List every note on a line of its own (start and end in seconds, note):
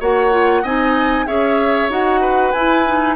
0.00 0.64 A#3
0.00 0.31 F#4
0.00 0.62 C#5
0.00 0.65 F#5
0.31 0.63 F4
0.62 1.26 C4
0.62 1.26 D#4
0.62 1.25 D#5
0.62 1.26 G#5
1.26 1.89 C#4
1.26 1.89 G#4
1.26 2.21 C#5
1.26 1.89 E5
1.89 2.52 D#4
1.89 2.53 F#4
1.89 2.52 F#5
2.21 3.15 B4
2.52 3.15 E4
2.52 2.86 E4
2.52 3.15 G#5
2.86 3.15 D#4